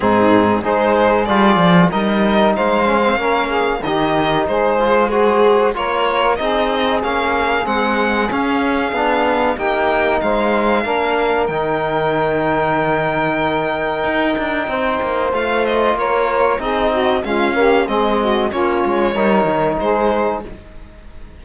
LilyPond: <<
  \new Staff \with { instrumentName = "violin" } { \time 4/4 \tempo 4 = 94 gis'4 c''4 d''4 dis''4 | f''2 dis''4 c''4 | gis'4 cis''4 dis''4 f''4 | fis''4 f''2 g''4 |
f''2 g''2~ | g''1 | f''8 dis''8 cis''4 dis''4 f''4 | dis''4 cis''2 c''4 | }
  \new Staff \with { instrumentName = "saxophone" } { \time 4/4 dis'4 gis'2 ais'4 | c''4 ais'8 gis'8 g'4 gis'4 | c''4 ais'4 gis'2~ | gis'2. g'4 |
c''4 ais'2.~ | ais'2. c''4~ | c''4 ais'4 gis'8 fis'8 f'8 g'8 | gis'8 fis'8 f'4 ais'4 gis'4 | }
  \new Staff \with { instrumentName = "trombone" } { \time 4/4 c'4 dis'4 f'4 dis'4~ | dis'8 cis'16 c'16 cis'4 dis'4. f'8 | fis'4 f'4 dis'4 cis'4 | c'4 cis'4 d'4 dis'4~ |
dis'4 d'4 dis'2~ | dis'1 | f'2 dis'4 gis8 ais8 | c'4 cis'4 dis'2 | }
  \new Staff \with { instrumentName = "cello" } { \time 4/4 gis,4 gis4 g8 f8 g4 | gis4 ais4 dis4 gis4~ | gis4 ais4 c'4 ais4 | gis4 cis'4 b4 ais4 |
gis4 ais4 dis2~ | dis2 dis'8 d'8 c'8 ais8 | a4 ais4 c'4 cis'4 | gis4 ais8 gis8 g8 dis8 gis4 | }
>>